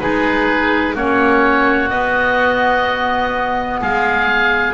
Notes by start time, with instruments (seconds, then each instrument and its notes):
0.00 double bass G#3, clarinet D#4, oboe G#4 B4
0.94 double bass A#3, clarinet C#4, oboe F#4 C#5
1.90 double bass B3, clarinet B3, oboe D#5
3.81 double bass G#3, oboe G#4 F5